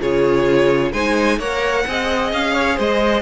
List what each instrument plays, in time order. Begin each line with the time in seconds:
0.00 cello C#3, viola F4, violin G#4 C#5
0.92 cello G#3, viola D#4, violin C5 G#5
1.38 cello A#3, viola A#4, violin C#5 F#5
1.87 cello C4, viola G#4, violin D#5
2.32 cello C#4, violin F5
2.53 violin C#5
2.76 cello G#3, violin C5 D#5